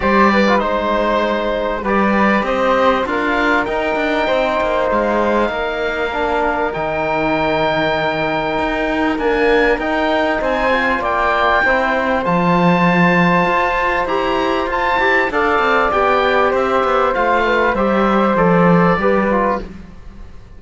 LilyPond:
<<
  \new Staff \with { instrumentName = "oboe" } { \time 4/4 \tempo 4 = 98 d''4 c''2 d''4 | dis''4 f''4 g''2 | f''2. g''4~ | g''2. gis''4 |
g''4 gis''4 g''2 | a''2. ais''4 | a''4 f''4 g''4 e''4 | f''4 e''4 d''2 | }
  \new Staff \with { instrumentName = "flute" } { \time 4/4 c''8 b'8 c''2 b'4 | c''4 ais'2 c''4~ | c''4 ais'2.~ | ais'1~ |
ais'4 c''4 d''4 c''4~ | c''1~ | c''4 d''2 c''4~ | c''8 b'8 c''2 b'4 | }
  \new Staff \with { instrumentName = "trombone" } { \time 4/4 g'8. f'16 dis'2 g'4~ | g'4 f'4 dis'2~ | dis'2 d'4 dis'4~ | dis'2. ais4 |
dis'4. f'4. e'4 | f'2. g'4 | f'8 g'8 a'4 g'2 | f'4 g'4 a'4 g'8 f'8 | }
  \new Staff \with { instrumentName = "cello" } { \time 4/4 g4 gis2 g4 | c'4 d'4 dis'8 d'8 c'8 ais8 | gis4 ais2 dis4~ | dis2 dis'4 d'4 |
dis'4 c'4 ais4 c'4 | f2 f'4 e'4 | f'8 e'8 d'8 c'8 b4 c'8 b8 | a4 g4 f4 g4 | }
>>